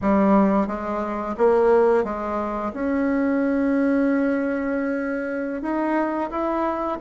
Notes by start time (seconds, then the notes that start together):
0.01 G3
0.67 G#3
1.37 A#3
2.04 G#3
2.73 C#4
5.62 D#4
6.30 E4